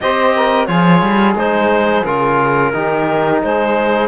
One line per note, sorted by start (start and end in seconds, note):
0.00 0.68 C4
0.00 0.67 G4
0.00 0.35 C5
0.00 0.66 D#5
0.35 0.67 A#4
0.66 1.01 F3
0.66 1.35 F4
0.66 2.72 G#4
0.66 1.34 C#5
1.01 1.34 G3
1.34 2.02 G#3
1.34 2.05 D#4
1.34 2.05 C5
2.05 2.73 C#3
2.05 2.73 F4
2.05 3.41 A#4
2.73 3.42 D#3
2.73 4.08 D#4
2.73 3.41 G4
3.42 4.08 G#3
3.42 4.08 G#4
3.42 4.08 C5